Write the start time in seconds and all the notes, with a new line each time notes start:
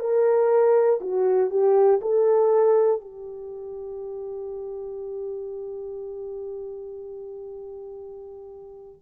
0.00 A#4
1.01 F#4
1.51 G4
2.02 A4
3.01 G4